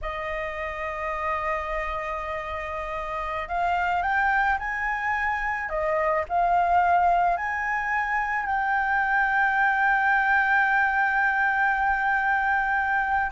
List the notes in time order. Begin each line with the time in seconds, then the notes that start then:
0.02 D#5
3.48 F5
4.02 G5
4.58 G#5
5.69 D#5
6.28 F5
7.36 G#5
8.45 G5